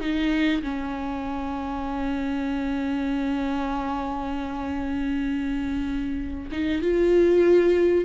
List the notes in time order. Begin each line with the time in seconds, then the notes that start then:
0.00 D#4
0.62 C#4
6.51 D#4
6.82 F4